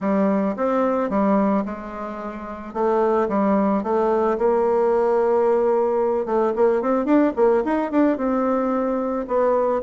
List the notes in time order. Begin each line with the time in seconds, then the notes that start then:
0.00 G3
0.56 C4
1.09 G3
1.65 G#3
2.73 A3
3.28 G3
3.83 A3
4.38 A#3
6.25 A3
6.55 A#3
6.81 C4
7.05 D4
7.36 A#3
7.64 D#4
7.91 D4
8.17 C4
9.27 B3